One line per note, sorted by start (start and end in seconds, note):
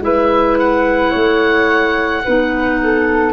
0.00 1.11 G#3
0.00 2.23 E4
0.00 1.11 B4
0.00 0.59 E5
0.59 3.33 F#5
1.11 2.25 A3
1.11 2.22 C#5
2.24 3.33 B3
2.24 3.33 D#4
2.24 2.80 B4
2.83 3.33 A4